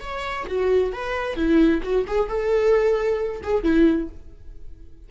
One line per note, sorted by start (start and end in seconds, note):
0.00 0.45 C#5
0.47 0.92 F#4
0.92 1.36 B4
1.36 1.81 E4
1.82 2.05 F#4
2.07 2.28 G#4
2.28 3.42 A4
3.43 3.63 G#4
3.63 4.08 E4